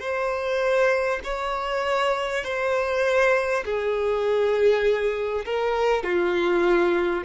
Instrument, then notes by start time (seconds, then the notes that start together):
violin
0.00 C5
1.24 C#5
2.44 C5
3.64 G#4
5.45 A#4
6.04 F4